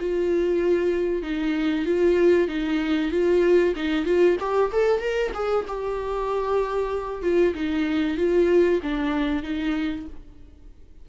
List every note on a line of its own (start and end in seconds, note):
0.00 1.23 F4
1.23 1.86 D#4
1.86 2.48 F4
2.48 3.11 D#4
3.11 3.75 F4
3.76 4.05 D#4
4.05 4.37 F4
4.40 4.72 G4
4.72 5.00 A4
5.00 5.32 A#4
5.34 5.66 G#4
5.68 7.23 G4
7.23 7.54 F4
7.54 8.18 D#4
8.18 8.81 F4
8.83 9.43 D4
9.43 10.06 D#4